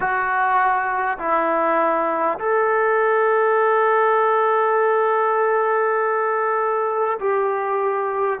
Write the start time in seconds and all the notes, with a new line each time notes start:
0.00 F#4
1.18 E4
2.38 A4
7.19 G4